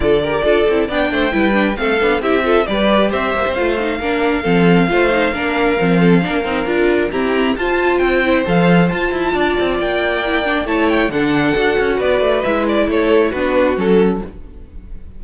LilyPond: <<
  \new Staff \with { instrumentName = "violin" } { \time 4/4 \tempo 4 = 135 d''2 g''2 | f''4 e''4 d''4 e''4 | f''1~ | f''1 |
ais''4 a''4 g''4 f''4 | a''2 g''2 | a''8 g''8 fis''2 d''4 | e''8 d''8 cis''4 b'4 a'4 | }
  \new Staff \with { instrumentName = "violin" } { \time 4/4 a'8 ais'8 a'4 d''8 c''8 b'4 | a'4 g'8 a'8 b'4 c''4~ | c''4 ais'4 a'4 c''4 | ais'4. a'8 ais'2 |
g'4 c''2.~ | c''4 d''2. | cis''4 a'2 b'4~ | b'4 a'4 fis'2 | }
  \new Staff \with { instrumentName = "viola" } { \time 4/4 f'8 g'8 f'8 e'8 d'4 e'8 d'8 | c'8 d'8 e'8 f'8 g'2 | f'8 dis'8 d'4 c'4 f'8 dis'8 | d'4 c'4 d'8 dis'8 f'4 |
c'4 f'4. e'8 a'4 | f'2. e'8 d'8 | e'4 d'4 fis'2 | e'2 d'4 cis'4 | }
  \new Staff \with { instrumentName = "cello" } { \time 4/4 d4 d'8 c'8 b8 a8 g4 | a8 b8 c'4 g4 c'8 ais16 c'16 | a4 ais4 f4 a4 | ais4 f4 ais8 c'8 d'4 |
e'4 f'4 c'4 f4 | f'8 e'8 d'8 c'8 ais2 | a4 d4 d'8 cis'8 b8 a8 | gis4 a4 b4 fis4 | }
>>